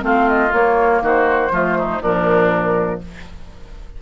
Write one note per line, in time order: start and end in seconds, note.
0.00 0.52 A3
0.00 0.49 C4
0.00 1.03 F4
0.00 0.29 F5
0.29 0.53 D#5
0.53 1.02 A#3
0.53 1.51 A#3
0.53 1.03 C#5
1.02 1.51 D#3
1.02 1.52 F#4
1.02 2.03 C5
1.51 2.00 F3
1.51 2.01 A3
1.51 1.77 F4
1.78 2.02 D#4
2.02 3.00 A#2
2.02 3.02 F3
2.02 3.01 D4
2.02 3.01 A#4